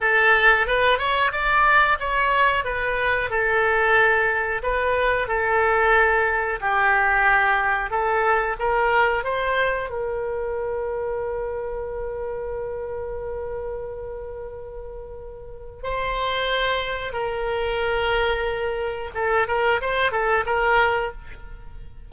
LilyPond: \new Staff \with { instrumentName = "oboe" } { \time 4/4 \tempo 4 = 91 a'4 b'8 cis''8 d''4 cis''4 | b'4 a'2 b'4 | a'2 g'2 | a'4 ais'4 c''4 ais'4~ |
ais'1~ | ais'1 | c''2 ais'2~ | ais'4 a'8 ais'8 c''8 a'8 ais'4 | }